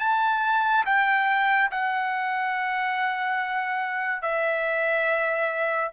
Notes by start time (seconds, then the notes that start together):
0.00 A5
0.86 G5
1.71 F#5
4.22 E5